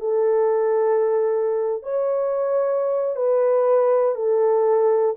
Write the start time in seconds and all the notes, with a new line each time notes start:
0.00 A4
1.83 C#5
3.16 B4
4.15 A4